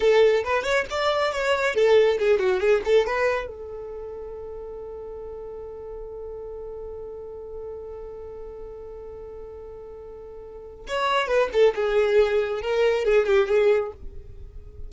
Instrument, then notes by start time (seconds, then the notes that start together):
violin
0.00 A4
0.44 B4
0.63 C#5
0.90 D5
1.32 C#5
1.74 A4
2.19 G#4
2.39 F#4
2.59 G#4
2.84 A4
3.06 B4
3.46 A4
10.87 C#5
11.27 B4
11.52 A4
11.75 G#4
12.61 A#4
13.04 G#4
13.26 G4
13.48 G#4